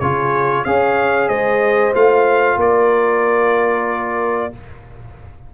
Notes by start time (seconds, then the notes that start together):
0.00 C#3 F4 G#4 C#5
0.65 C#4 G#4 C#5 F5
1.29 G#3 C5 D#5
1.95 A3 F4 F5
2.57 A#3 A#4 D5